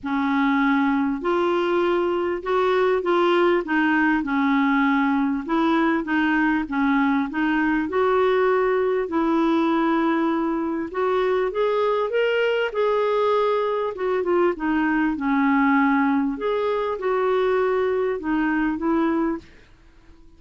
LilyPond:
\new Staff \with { instrumentName = "clarinet" } { \time 4/4 \tempo 4 = 99 cis'2 f'2 | fis'4 f'4 dis'4 cis'4~ | cis'4 e'4 dis'4 cis'4 | dis'4 fis'2 e'4~ |
e'2 fis'4 gis'4 | ais'4 gis'2 fis'8 f'8 | dis'4 cis'2 gis'4 | fis'2 dis'4 e'4 | }